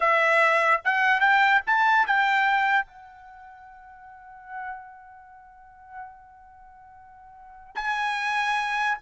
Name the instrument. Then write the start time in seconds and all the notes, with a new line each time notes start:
trumpet
0.00 E5
0.84 F#5
1.20 G5
1.66 A5
2.06 G5
2.86 F#5
7.75 G#5